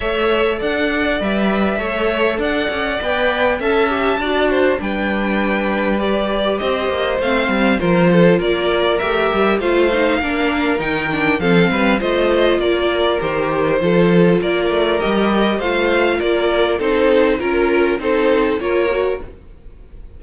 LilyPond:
<<
  \new Staff \with { instrumentName = "violin" } { \time 4/4 \tempo 4 = 100 e''4 fis''4 e''2 | fis''4 g''4 a''2 | g''2 d''4 dis''4 | f''4 c''4 d''4 e''4 |
f''2 g''4 f''4 | dis''4 d''4 c''2 | d''4 dis''4 f''4 d''4 | c''4 ais'4 c''4 cis''4 | }
  \new Staff \with { instrumentName = "violin" } { \time 4/4 cis''4 d''2 cis''4 | d''2 e''4 d''8 c''8 | b'2. c''4~ | c''4 ais'8 a'8 ais'2 |
c''4 ais'2 a'8 b'8 | c''4 ais'2 a'4 | ais'2 c''4 ais'4 | a'4 ais'4 a'4 ais'4 | }
  \new Staff \with { instrumentName = "viola" } { \time 4/4 a'2 b'4 a'4~ | a'4 b'4 a'8 g'8 fis'4 | d'2 g'2 | c'4 f'2 g'4 |
f'8 dis'8 d'4 dis'8 d'8 c'4 | f'2 g'4 f'4~ | f'4 g'4 f'2 | dis'4 f'4 dis'4 f'8 fis'8 | }
  \new Staff \with { instrumentName = "cello" } { \time 4/4 a4 d'4 g4 a4 | d'8 cis'8 b4 cis'4 d'4 | g2. c'8 ais8 | a8 g8 f4 ais4 a8 g8 |
a4 ais4 dis4 f8 g8 | a4 ais4 dis4 f4 | ais8 a8 g4 a4 ais4 | c'4 cis'4 c'4 ais4 | }
>>